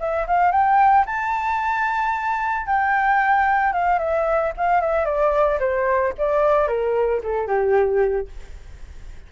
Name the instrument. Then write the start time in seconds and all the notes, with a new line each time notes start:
flute
0.00 E5
0.28 F5
0.52 G5
1.06 A5
2.67 G5
3.74 F5
3.99 E5
4.58 F5
4.81 E5
5.06 D5
5.60 C5
6.18 D5
6.68 A#4
7.24 A4
7.48 G4